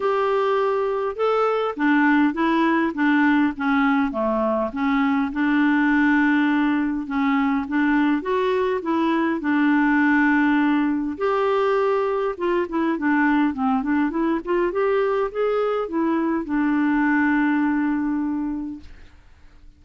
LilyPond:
\new Staff \with { instrumentName = "clarinet" } { \time 4/4 \tempo 4 = 102 g'2 a'4 d'4 | e'4 d'4 cis'4 a4 | cis'4 d'2. | cis'4 d'4 fis'4 e'4 |
d'2. g'4~ | g'4 f'8 e'8 d'4 c'8 d'8 | e'8 f'8 g'4 gis'4 e'4 | d'1 | }